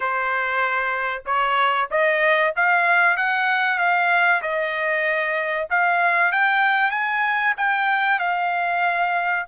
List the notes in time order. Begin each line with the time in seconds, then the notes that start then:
0.00 C5
1.25 C#5
1.90 D#5
2.56 F5
3.16 F#5
3.78 F5
4.42 D#5
5.70 F5
6.32 G5
6.90 G#5
7.57 G5
8.19 F5